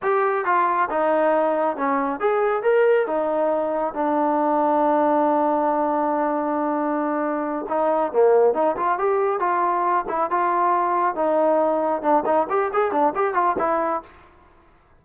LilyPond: \new Staff \with { instrumentName = "trombone" } { \time 4/4 \tempo 4 = 137 g'4 f'4 dis'2 | cis'4 gis'4 ais'4 dis'4~ | dis'4 d'2.~ | d'1~ |
d'4. dis'4 ais4 dis'8 | f'8 g'4 f'4. e'8 f'8~ | f'4. dis'2 d'8 | dis'8 g'8 gis'8 d'8 g'8 f'8 e'4 | }